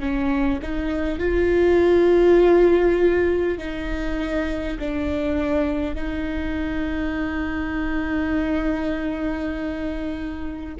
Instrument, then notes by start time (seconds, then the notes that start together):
viola
0.00 C#4
0.62 D#4
1.19 F4
3.58 D#4
4.79 D4
5.95 D#4